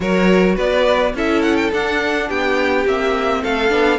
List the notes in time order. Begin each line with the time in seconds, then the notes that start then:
0.00 F#3 F#4 A#4 C#5
0.55 B3 B4 D5
1.14 C#4 E4 A4 E5
1.42 F#5
1.56 G5
1.72 D4 F#5
2.27 B3 G4 G5
2.85 A#3 C4 E5
3.42 A3 A4 F5
3.69 B3 D4